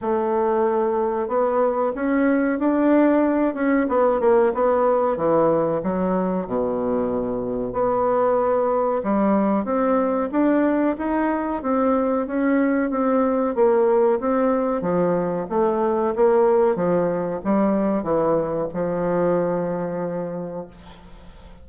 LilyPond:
\new Staff \with { instrumentName = "bassoon" } { \time 4/4 \tempo 4 = 93 a2 b4 cis'4 | d'4. cis'8 b8 ais8 b4 | e4 fis4 b,2 | b2 g4 c'4 |
d'4 dis'4 c'4 cis'4 | c'4 ais4 c'4 f4 | a4 ais4 f4 g4 | e4 f2. | }